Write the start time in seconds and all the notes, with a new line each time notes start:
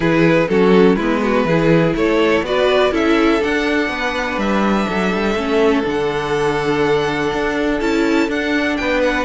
0.00 E3 E4 G#4 B4
0.48 F#3 C#4 F#4 A4
0.96 G#3 B3 E4 B4
1.22 F#4
1.45 E3 E4 G#4
1.95 A3 A4 C#5
2.41 B3 F#4 B4 D5
2.91 C#4 E4 A4 E5
3.40 D4 F#5
3.89 B3 B4
4.37 G3 E5
4.88 F#3 A4
5.13 G3
5.34 A3 C#4
5.83 D3 D4 F#5
7.32 D4
7.80 C#4 E4 A5
8.27 D4 F#5
8.76 B3 B4 G5
9.02 F#5